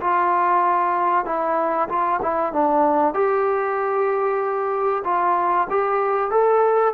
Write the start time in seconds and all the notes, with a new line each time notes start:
0.00 F4
1.25 E4
1.88 F4
2.22 E4
2.53 D4
3.13 G4
5.04 F4
5.70 G4
6.31 A4